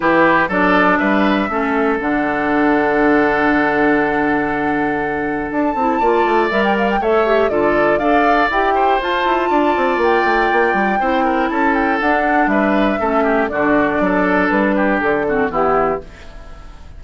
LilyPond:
<<
  \new Staff \with { instrumentName = "flute" } { \time 4/4 \tempo 4 = 120 b'4 d''4 e''2 | fis''1~ | fis''2. a''4~ | a''4 e''16 g''16 f''16 g''16 e''4 d''4 |
f''4 g''4 a''2 | g''2. a''8 g''8 | fis''4 e''2 d''4~ | d''4 b'4 a'4 g'4 | }
  \new Staff \with { instrumentName = "oboe" } { \time 4/4 g'4 a'4 b'4 a'4~ | a'1~ | a'1 | d''2 cis''4 a'4 |
d''4. c''4. d''4~ | d''2 c''8 ais'8 a'4~ | a'4 b'4 a'8 g'8 fis'4 | a'4. g'4 fis'8 e'4 | }
  \new Staff \with { instrumentName = "clarinet" } { \time 4/4 e'4 d'2 cis'4 | d'1~ | d'2.~ d'8 e'8 | f'4 ais'4 a'8 g'8 f'4 |
a'4 g'4 f'2~ | f'2 e'2 | d'2 cis'4 d'4~ | d'2~ d'8 c'8 b4 | }
  \new Staff \with { instrumentName = "bassoon" } { \time 4/4 e4 fis4 g4 a4 | d1~ | d2. d'8 c'8 | ais8 a8 g4 a4 d4 |
d'4 e'4 f'8 e'8 d'8 c'8 | ais8 a8 ais8 g8 c'4 cis'4 | d'4 g4 a4 d4 | fis4 g4 d4 e4 | }
>>